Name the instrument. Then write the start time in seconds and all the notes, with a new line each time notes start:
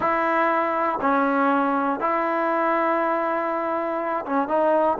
trombone
0.00 E4
1.01 C#4
2.00 E4
4.25 C#4
4.47 D#4